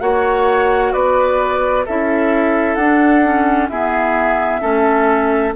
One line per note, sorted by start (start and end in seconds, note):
0.00 0.93 A#3
0.00 1.85 F#4
0.00 0.92 C#5
0.00 0.92 F#5
0.92 1.86 B3
0.92 1.85 B4
0.92 1.85 D5
1.85 2.76 C#4
1.85 2.80 E4
1.85 3.70 A4
1.85 2.75 E5
2.75 3.68 D4
2.75 3.24 D4
2.75 3.67 F#5
3.24 3.70 C#4
3.68 4.61 B3
3.68 4.61 E4
3.68 4.61 G#4
3.68 5.54 E5
4.61 5.55 A3
4.61 5.53 C#4
4.61 5.53 A4